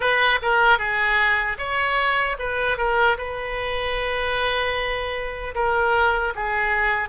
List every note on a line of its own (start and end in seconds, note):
0.00 0.39 B4
0.42 0.78 A#4
0.78 1.57 G#4
1.58 2.36 C#5
2.38 2.77 B4
2.77 3.17 A#4
3.17 5.54 B4
5.54 6.33 A#4
6.35 7.08 G#4